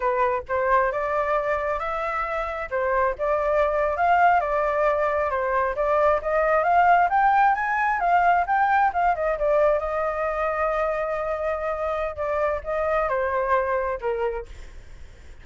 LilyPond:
\new Staff \with { instrumentName = "flute" } { \time 4/4 \tempo 4 = 133 b'4 c''4 d''2 | e''2 c''4 d''4~ | d''8. f''4 d''2 c''16~ | c''8. d''4 dis''4 f''4 g''16~ |
g''8. gis''4 f''4 g''4 f''16~ | f''16 dis''8 d''4 dis''2~ dis''16~ | dis''2. d''4 | dis''4 c''2 ais'4 | }